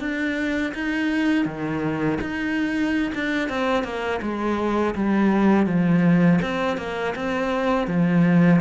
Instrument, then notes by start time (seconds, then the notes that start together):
cello
0.00 D4
0.75 D#4
1.46 D#3
2.21 D#4
3.15 D4
3.49 C4
3.84 A#3
4.22 G#3
4.95 G3
5.66 F3
6.42 C4
6.78 A#3
7.15 C4
7.88 F3